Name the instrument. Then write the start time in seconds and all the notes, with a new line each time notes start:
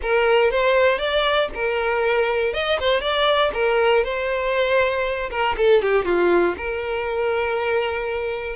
violin
0.02 A#4
0.50 C5
0.98 D5
1.54 A#4
2.53 D#5
2.79 C5
3.00 D5
3.53 A#4
4.04 C5
5.30 A#4
5.57 A4
5.81 G4
6.05 F4
6.57 A#4